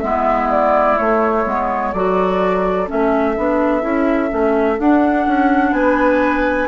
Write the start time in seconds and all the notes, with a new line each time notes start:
0.00 G#3 B3 E4 E5
0.51 D5
0.97 A3 C#5
1.46 G#3 B3
1.93 F#3 F#4 A4 D5
2.87 A3 C#4 E5
3.37 B3 D4
3.82 C#4 E4
4.30 A3 C#4
4.80 D4 F#5
5.27 C#4
5.72 B3 B4 G#5